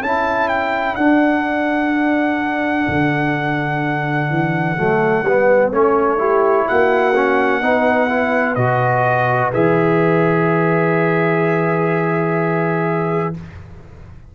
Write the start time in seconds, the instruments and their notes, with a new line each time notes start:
0.00 tuba C#4, trombone E4, horn A4, trumpet A5
0.49 trumpet G5
0.96 tuba D4, trombone D4, trumpet F#5
2.88 tuba D3
4.30 tuba E3
4.78 tuba F#3, trombone A3
5.23 tuba G3, trombone B3
5.72 tuba A3, trombone C#4, trumpet C#5
6.18 trombone E4, horn G4
6.68 tuba A#3, horn F#4, trumpet F#5
7.15 trombone C#4
7.62 tuba B3, trombone D#4, horn B4
8.10 trombone E4
8.55 tuba B2, trombone F#4, trumpet D#5
9.53 tuba E3, trombone G#4, trumpet E5